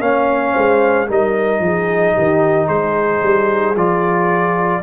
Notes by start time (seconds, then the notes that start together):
0.00 A#3 C#4 C#5 F5
0.53 G#3 C5
1.08 G3 D#4 A#4 D#5
1.60 F3 G#4
2.14 D#3 G4
2.67 G#3 G#4 C5
3.23 G3
3.76 F3 F4 D5